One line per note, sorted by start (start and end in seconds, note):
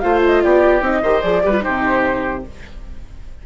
0.00 0.44 A3
0.00 0.82 F4
0.00 0.44 C5
0.00 0.20 F5
0.25 0.43 D#5
0.43 0.82 B3
0.43 1.02 G4
0.43 0.83 D5
0.82 1.02 C4
0.82 1.02 D#4
0.82 1.22 D#5
1.02 1.23 D#3
1.02 1.22 G4
1.02 1.43 C5
1.22 1.44 F3
1.22 1.42 G#4
1.22 1.62 D5
1.42 1.65 G3
1.42 1.51 G4
1.42 1.64 B4
1.51 1.60 F4
1.60 2.46 C3
1.60 2.41 D#4
1.60 2.44 G4
1.60 2.44 C5